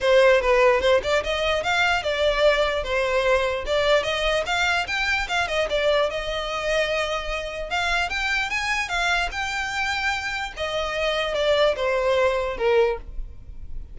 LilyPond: \new Staff \with { instrumentName = "violin" } { \time 4/4 \tempo 4 = 148 c''4 b'4 c''8 d''8 dis''4 | f''4 d''2 c''4~ | c''4 d''4 dis''4 f''4 | g''4 f''8 dis''8 d''4 dis''4~ |
dis''2. f''4 | g''4 gis''4 f''4 g''4~ | g''2 dis''2 | d''4 c''2 ais'4 | }